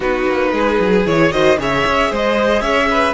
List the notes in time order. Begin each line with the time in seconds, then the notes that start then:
0.00 B3 D#4 F#4 B4
0.28 A#3
0.52 G#3 G#4
0.79 F#3
1.05 E3 E4 C#5
1.31 D#3 F#4 C5 D#5
1.58 C#3 G#4 C#5 E5
1.85 C#4
2.11 G#3 C5 D#5
2.61 C#4 C#5 E5
2.90 B4